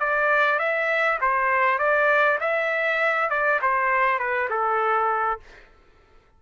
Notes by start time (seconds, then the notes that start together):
0.00 D5
0.59 E5
1.21 C5
1.79 D5
2.41 E5
3.30 D5
3.62 C5
4.19 B4
4.50 A4